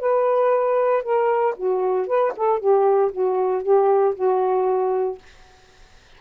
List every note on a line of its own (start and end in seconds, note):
0.00 1.03 B4
1.03 1.55 A#4
1.57 2.07 F#4
2.07 2.33 B4
2.37 2.59 A4
2.59 3.11 G4
3.12 3.63 F#4
3.63 4.14 G4
4.15 5.18 F#4